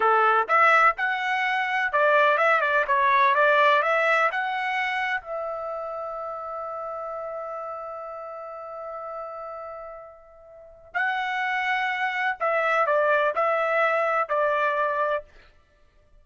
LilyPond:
\new Staff \with { instrumentName = "trumpet" } { \time 4/4 \tempo 4 = 126 a'4 e''4 fis''2 | d''4 e''8 d''8 cis''4 d''4 | e''4 fis''2 e''4~ | e''1~ |
e''1~ | e''2. fis''4~ | fis''2 e''4 d''4 | e''2 d''2 | }